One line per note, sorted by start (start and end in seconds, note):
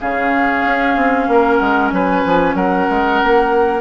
0.00 0.64 C#3
0.00 3.80 C#4
0.00 1.28 G#4
0.00 1.57 F5
0.64 0.96 C#4
0.96 1.27 C4
1.27 1.59 A#3
1.27 1.94 A#4
1.57 1.91 G#3
1.57 1.88 F#5
1.91 2.23 F#3
1.91 2.55 B4
1.91 2.55 G#5
2.25 2.54 F3
2.54 2.86 F#3
2.54 3.80 A#4
2.54 3.80 F#5
2.90 3.22 G#3
3.22 3.80 A#3